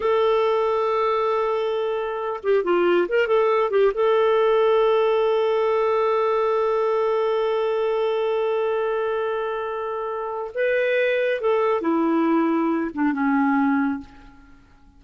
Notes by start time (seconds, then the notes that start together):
0.00 A4
2.43 G4
2.63 F4
3.08 A#4
3.27 A4
3.70 G4
3.94 A4
10.54 B4
11.40 A4
11.81 E4
12.94 D4
13.12 C#4